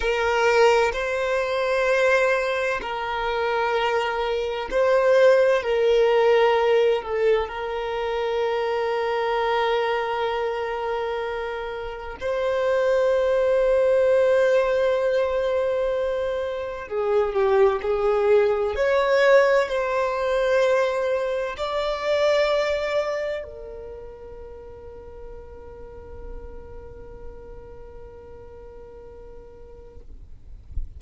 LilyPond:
\new Staff \with { instrumentName = "violin" } { \time 4/4 \tempo 4 = 64 ais'4 c''2 ais'4~ | ais'4 c''4 ais'4. a'8 | ais'1~ | ais'4 c''2.~ |
c''2 gis'8 g'8 gis'4 | cis''4 c''2 d''4~ | d''4 ais'2.~ | ais'1 | }